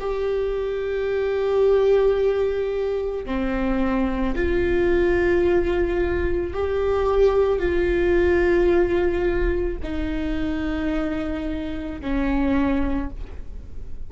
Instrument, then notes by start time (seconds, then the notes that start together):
viola
0.00 G4
3.26 C4
4.36 F4
6.54 G4
7.59 F4
9.83 D#4
12.01 C#4